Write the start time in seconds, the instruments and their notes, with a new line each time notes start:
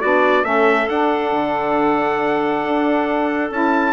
0.00 bassoon B3, saxophone D4, clarinet F#4, trumpet D5
0.44 bassoon A3, saxophone C#4, clarinet A4, trumpet E5
0.89 bassoon D4, saxophone D4, trumpet F#5
1.32 bassoon D3
2.64 bassoon D4
3.51 bassoon C#4, saxophone E4, trumpet A5